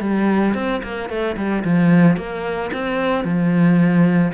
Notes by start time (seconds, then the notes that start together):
0.00 G3
0.54 C4
0.83 A#3
1.09 A3
1.37 G3
1.64 F3
2.17 A#3
2.73 C4
3.24 F3